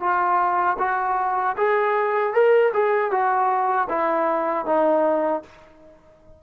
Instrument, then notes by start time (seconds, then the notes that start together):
trombone
0.00 F4
0.79 F#4
1.57 G#4
2.34 A#4
2.73 G#4
3.11 F#4
3.90 E4
4.66 D#4